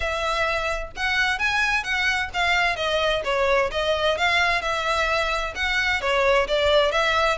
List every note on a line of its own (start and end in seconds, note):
0.00 0.91 E5
0.96 1.38 F#5
1.38 1.83 G#5
1.83 2.29 F#5
2.33 2.76 F5
2.76 3.22 D#5
3.24 3.70 C#5
3.71 4.17 D#5
4.17 4.61 F5
4.61 5.54 E5
5.55 6.01 F#5
6.01 6.47 C#5
6.47 6.91 D5
6.91 7.37 E5